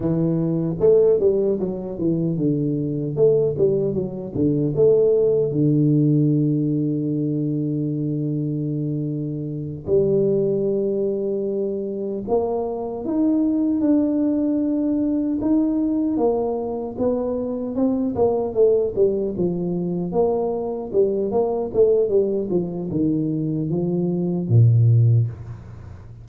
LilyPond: \new Staff \with { instrumentName = "tuba" } { \time 4/4 \tempo 4 = 76 e4 a8 g8 fis8 e8 d4 | a8 g8 fis8 d8 a4 d4~ | d1~ | d8 g2. ais8~ |
ais8 dis'4 d'2 dis'8~ | dis'8 ais4 b4 c'8 ais8 a8 | g8 f4 ais4 g8 ais8 a8 | g8 f8 dis4 f4 ais,4 | }